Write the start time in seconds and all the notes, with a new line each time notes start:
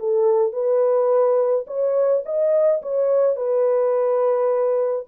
0.00 A4
0.53 B4
1.67 C#5
2.26 D#5
2.83 C#5
3.37 B4